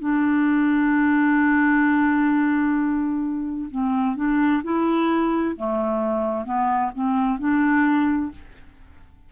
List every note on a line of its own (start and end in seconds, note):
0.00 3.69 D4
3.70 4.16 C4
4.16 4.62 D4
4.63 5.56 E4
5.56 6.45 A3
6.45 6.91 B3
6.95 7.39 C4
7.39 8.31 D4